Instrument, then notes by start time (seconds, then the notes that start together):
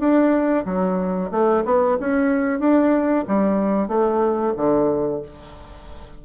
bassoon
0.00 D4
0.66 F#3
1.32 A3
1.65 B3
2.01 C#4
2.60 D4
3.28 G3
3.89 A3
4.57 D3